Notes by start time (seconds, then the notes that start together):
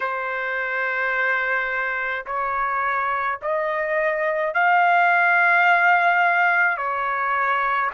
0.00 C5
2.26 C#5
3.42 D#5
4.54 F5
6.77 C#5